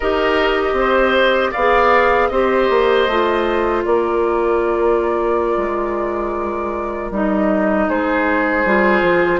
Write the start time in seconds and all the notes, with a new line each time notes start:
0.00 D#4 G4 A#4 D#5
0.73 C4 C5
1.51 B3 D5 F5
1.57 G#4
2.28 C4 G4 C5 D#5
2.69 A#3
3.07 A3 F4
3.84 A#3 A#4 D5
5.57 G#3
7.10 G3 D#4 D#5
7.88 G#3 G#4 C5
8.65 G3 F4
9.01 F3